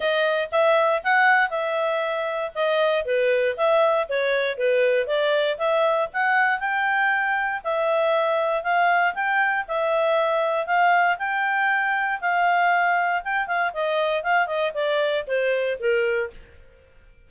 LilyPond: \new Staff \with { instrumentName = "clarinet" } { \time 4/4 \tempo 4 = 118 dis''4 e''4 fis''4 e''4~ | e''4 dis''4 b'4 e''4 | cis''4 b'4 d''4 e''4 | fis''4 g''2 e''4~ |
e''4 f''4 g''4 e''4~ | e''4 f''4 g''2 | f''2 g''8 f''8 dis''4 | f''8 dis''8 d''4 c''4 ais'4 | }